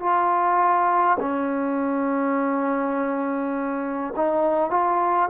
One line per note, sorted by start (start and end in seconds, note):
0.00 1.18 F4
1.20 4.14 C#4
4.17 4.71 D#4
4.71 5.29 F4